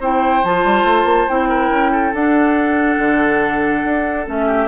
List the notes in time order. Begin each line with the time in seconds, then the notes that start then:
0.00 C4 E4 C5 G5
0.44 F3 F4 A5
0.64 G3
0.84 A3
1.04 A#3
1.28 C4 E4 G5
1.49 A#4
1.70 C#4
1.92 A4
2.13 D4 F#5
2.98 D3
3.84 D4
4.26 A3 C#4 E5
4.47 G4